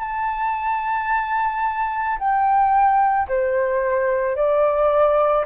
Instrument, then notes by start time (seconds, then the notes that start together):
flute
0.00 A5
2.19 G5
3.29 C5
4.36 D5